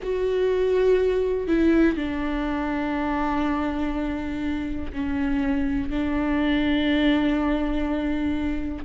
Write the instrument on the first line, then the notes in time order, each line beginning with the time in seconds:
viola
0.03 F#4
1.48 E4
1.97 D4
4.92 C#4
5.90 D4